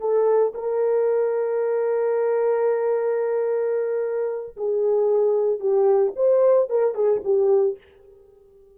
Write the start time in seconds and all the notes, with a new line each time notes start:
0.00 A4
0.55 A#4
4.57 G#4
5.60 G4
6.16 C5
6.70 A#4
6.95 G#4
7.24 G4